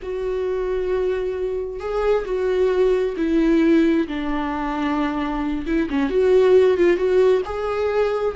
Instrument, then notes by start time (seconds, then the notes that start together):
viola
0.02 F#4
1.79 G#4
2.25 F#4
3.17 E4
4.07 D4
5.66 E4
5.90 C#4
6.09 F#4
6.77 F4
6.97 F#4
7.45 G#4